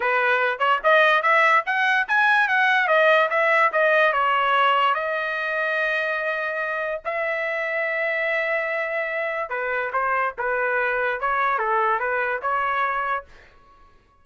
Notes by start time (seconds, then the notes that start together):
0.00 B4
0.58 C#5
0.83 D#5
1.22 E5
1.66 F#5
2.08 G#5
2.48 F#5
2.87 D#5
3.30 E5
3.72 D#5
4.12 C#5
4.94 D#5
7.04 E5
9.49 B4
9.92 C5
10.38 B4
11.20 C#5
11.58 A4
11.99 B4
12.42 C#5